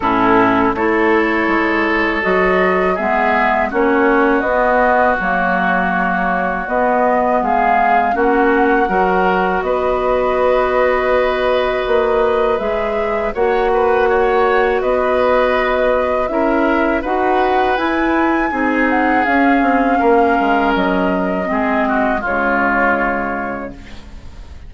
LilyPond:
<<
  \new Staff \with { instrumentName = "flute" } { \time 4/4 \tempo 4 = 81 a'4 cis''2 dis''4 | e''4 cis''4 dis''4 cis''4~ | cis''4 dis''4 f''4 fis''4~ | fis''4 dis''2.~ |
dis''4 e''4 fis''2 | dis''2 e''4 fis''4 | gis''4. fis''8 f''2 | dis''2 cis''2 | }
  \new Staff \with { instrumentName = "oboe" } { \time 4/4 e'4 a'2. | gis'4 fis'2.~ | fis'2 gis'4 fis'4 | ais'4 b'2.~ |
b'2 cis''8 b'8 cis''4 | b'2 ais'4 b'4~ | b'4 gis'2 ais'4~ | ais'4 gis'8 fis'8 f'2 | }
  \new Staff \with { instrumentName = "clarinet" } { \time 4/4 cis'4 e'2 fis'4 | b4 cis'4 b4 ais4~ | ais4 b2 cis'4 | fis'1~ |
fis'4 gis'4 fis'2~ | fis'2 e'4 fis'4 | e'4 dis'4 cis'2~ | cis'4 c'4 gis2 | }
  \new Staff \with { instrumentName = "bassoon" } { \time 4/4 a,4 a4 gis4 fis4 | gis4 ais4 b4 fis4~ | fis4 b4 gis4 ais4 | fis4 b2. |
ais4 gis4 ais2 | b2 cis'4 dis'4 | e'4 c'4 cis'8 c'8 ais8 gis8 | fis4 gis4 cis2 | }
>>